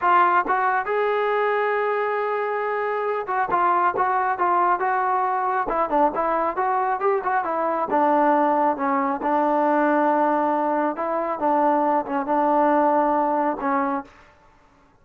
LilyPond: \new Staff \with { instrumentName = "trombone" } { \time 4/4 \tempo 4 = 137 f'4 fis'4 gis'2~ | gis'2.~ gis'8 fis'8 | f'4 fis'4 f'4 fis'4~ | fis'4 e'8 d'8 e'4 fis'4 |
g'8 fis'8 e'4 d'2 | cis'4 d'2.~ | d'4 e'4 d'4. cis'8 | d'2. cis'4 | }